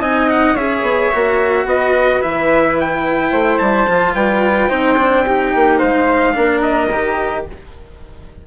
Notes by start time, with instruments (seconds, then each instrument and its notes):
0.00 bassoon C4, cello D#4, flute D#5, trumpet G#5
0.30 trumpet F#5
0.55 bassoon C#4, cello G#4, flute C#5, trumpet E5
0.82 bassoon B3
1.12 bassoon A#3, cello F#4
1.65 bassoon B3, flute B4, trumpet D#5
2.21 bassoon E3, cello E4, trumpet E5
2.80 trumpet G5
3.31 bassoon A3, flute C5
3.58 bassoon G3, trumpet A5
3.88 bassoon F3, cello F4
4.14 bassoon G3, flute B4, trumpet G5
4.69 bassoon C4, cello D#4, flute C5
4.98 cello D4
5.25 cello D#4, flute G4
5.55 bassoon A#3
5.78 bassoon G#3, flute C5, trumpet F5
6.33 bassoon A#3, cello D4, flute A#4
6.62 trumpet D#5
6.92 bassoon D#3, cello G4